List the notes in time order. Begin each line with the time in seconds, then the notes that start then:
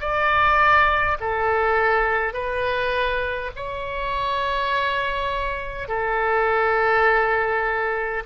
0.00 D5
1.20 A4
2.33 B4
3.56 C#5
5.88 A4